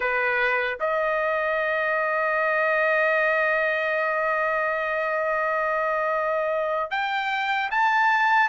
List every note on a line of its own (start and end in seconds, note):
0.00 0.78 B4
0.80 6.90 D#5
6.90 7.69 G5
7.70 8.49 A5